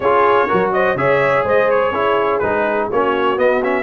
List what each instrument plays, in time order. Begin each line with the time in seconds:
0.00 tuba C#4, trombone F4, horn G#4, trumpet C#5
0.47 tuba F#3, trombone F#4, horn A#4
0.73 horn C5, trumpet D#5
0.95 tuba C#3, trombone G#4, horn C#5, trumpet E5
1.43 tuba G#3, horn C5, trumpet D#5
1.70 trumpet C#5
1.91 tuba C#4, trombone E4, horn G#4
2.38 tuba G#3, trombone D#4, trumpet B4
2.89 tuba A#3, trombone C#4, horn F#4, trumpet C#5
3.37 trombone B3, tuba B3, trumpet D#5
3.63 trombone C#4, trumpet E5